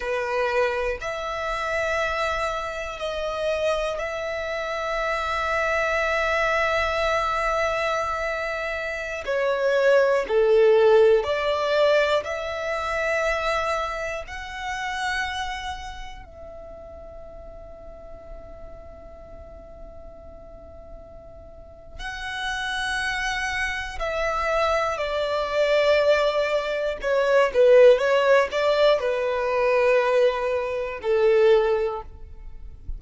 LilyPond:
\new Staff \with { instrumentName = "violin" } { \time 4/4 \tempo 4 = 60 b'4 e''2 dis''4 | e''1~ | e''4~ e''16 cis''4 a'4 d''8.~ | d''16 e''2 fis''4.~ fis''16~ |
fis''16 e''2.~ e''8.~ | e''2 fis''2 | e''4 d''2 cis''8 b'8 | cis''8 d''8 b'2 a'4 | }